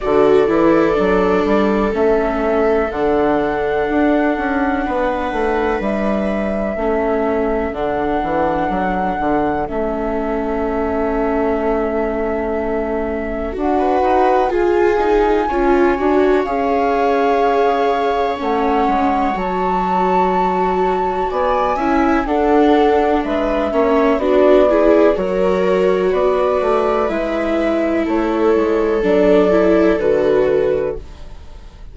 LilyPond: <<
  \new Staff \with { instrumentName = "flute" } { \time 4/4 \tempo 4 = 62 d''2 e''4 fis''4~ | fis''2 e''2 | fis''2 e''2~ | e''2 fis''4 gis''4~ |
gis''4 f''2 fis''4 | a''2 gis''4 fis''4 | e''4 d''4 cis''4 d''4 | e''4 cis''4 d''4 b'4 | }
  \new Staff \with { instrumentName = "viola" } { \time 4/4 a'1~ | a'4 b'2 a'4~ | a'1~ | a'2~ a'16 b'8. gis'4 |
cis''1~ | cis''2 d''8 e''8 a'4 | b'8 cis''8 fis'8 gis'8 ais'4 b'4~ | b'4 a'2. | }
  \new Staff \with { instrumentName = "viola" } { \time 4/4 fis'8 e'8 d'4 cis'4 d'4~ | d'2. cis'4 | d'2 cis'2~ | cis'2 fis'4 f'8 dis'8 |
f'8 fis'8 gis'2 cis'4 | fis'2~ fis'8 e'8 d'4~ | d'8 cis'8 d'8 e'8 fis'2 | e'2 d'8 e'8 fis'4 | }
  \new Staff \with { instrumentName = "bassoon" } { \time 4/4 d8 e8 fis8 g8 a4 d4 | d'8 cis'8 b8 a8 g4 a4 | d8 e8 fis8 d8 a2~ | a2 d'8 dis'8 f'4 |
cis'8 d'8 cis'2 a8 gis8 | fis2 b8 cis'8 d'4 | gis8 ais8 b4 fis4 b8 a8 | gis4 a8 gis8 fis4 d4 | }
>>